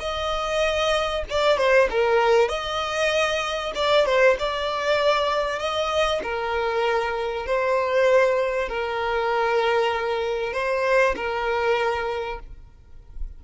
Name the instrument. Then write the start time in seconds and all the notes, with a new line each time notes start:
violin
0.00 D#5
1.30 D5
1.58 C5
1.90 A#4
2.49 D#5
3.75 D5
4.06 C5
4.39 D5
5.59 D#5
6.23 A#4
7.46 C5
8.69 A#4
10.54 C5
11.16 A#4